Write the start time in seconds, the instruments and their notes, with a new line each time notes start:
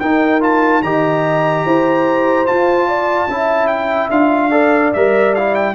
0.00 tuba D#4, trombone D#4, horn A#4, trumpet G5
0.41 trombone F4, trumpet A5
0.83 tuba D#3, trombone G4, horn D#5, trumpet A#5
1.66 tuba E4, horn C5
2.46 trombone F4, tuba F4, trumpet A5
2.89 horn D5
3.28 tuba C#4, trombone E4, horn E5
3.68 trumpet G5
4.11 tuba D4, trombone F4, trumpet F5
4.51 trombone A4, horn D5
4.93 tuba G3, trombone A#4, trumpet E5
5.35 trombone E4, trumpet F5
5.55 trumpet G5